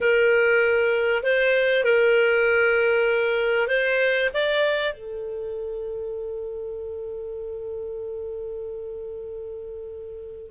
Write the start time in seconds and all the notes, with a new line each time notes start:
0.01 A#4
1.23 C5
1.84 A#4
3.67 C5
4.33 D5
4.93 A4